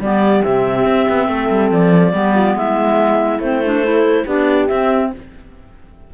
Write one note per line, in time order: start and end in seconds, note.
0.00 0.43 G3
0.00 0.46 B3
0.00 1.28 G4
0.00 0.43 D5
0.43 0.86 C3
0.43 2.13 C4
0.43 1.71 E5
0.86 1.07 C4
1.09 1.28 B3
1.28 1.49 A3
1.28 2.13 A4
1.50 1.71 G3
1.71 2.13 F3
1.71 2.57 D5
2.13 2.55 G3
2.13 3.41 B3
2.13 2.35 G4
2.35 2.56 F4
2.55 3.39 G#3
2.55 3.84 E4
2.55 3.41 E5
3.39 4.24 A3
3.39 3.63 C4
3.39 4.26 C5
3.65 3.84 D4
3.84 4.26 E4
3.84 4.26 A4
4.26 4.69 B3
4.26 4.69 D4
4.26 5.11 G4
4.26 4.68 D5
4.68 5.13 C4
4.68 5.14 C4
4.68 5.10 E5